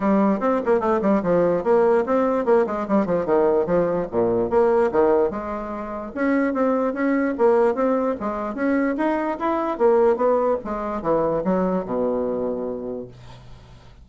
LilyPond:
\new Staff \with { instrumentName = "bassoon" } { \time 4/4 \tempo 4 = 147 g4 c'8 ais8 a8 g8 f4 | ais4 c'4 ais8 gis8 g8 f8 | dis4 f4 ais,4 ais4 | dis4 gis2 cis'4 |
c'4 cis'4 ais4 c'4 | gis4 cis'4 dis'4 e'4 | ais4 b4 gis4 e4 | fis4 b,2. | }